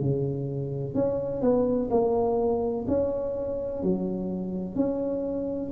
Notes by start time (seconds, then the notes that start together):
0.00 C#3
0.94 C#4
1.42 B3
1.90 A#3
2.87 C#4
3.83 F#3
4.75 C#4